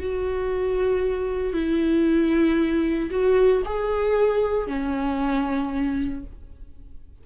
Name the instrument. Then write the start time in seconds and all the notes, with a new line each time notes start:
viola
0.00 F#4
1.53 E4
3.11 F#4
3.66 G#4
4.68 C#4